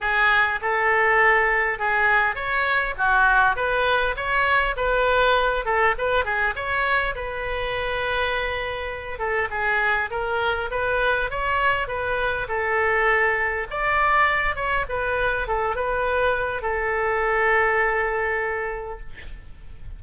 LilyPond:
\new Staff \with { instrumentName = "oboe" } { \time 4/4 \tempo 4 = 101 gis'4 a'2 gis'4 | cis''4 fis'4 b'4 cis''4 | b'4. a'8 b'8 gis'8 cis''4 | b'2.~ b'8 a'8 |
gis'4 ais'4 b'4 cis''4 | b'4 a'2 d''4~ | d''8 cis''8 b'4 a'8 b'4. | a'1 | }